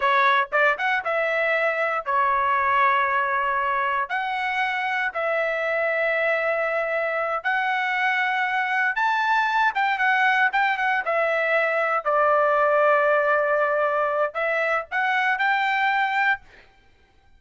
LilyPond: \new Staff \with { instrumentName = "trumpet" } { \time 4/4 \tempo 4 = 117 cis''4 d''8 fis''8 e''2 | cis''1 | fis''2 e''2~ | e''2~ e''8 fis''4.~ |
fis''4. a''4. g''8 fis''8~ | fis''8 g''8 fis''8 e''2 d''8~ | d''1 | e''4 fis''4 g''2 | }